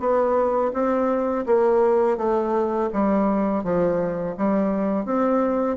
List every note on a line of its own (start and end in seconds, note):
0.00 0.72 B3
0.74 1.46 C4
1.47 2.18 A#3
2.18 2.90 A3
2.93 3.64 G3
3.64 4.36 F3
4.38 5.06 G3
5.06 5.77 C4